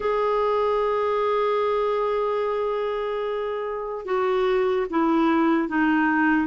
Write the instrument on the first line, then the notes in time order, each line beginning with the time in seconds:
clarinet
0.00 G#4
4.05 F#4
4.89 E4
5.68 D#4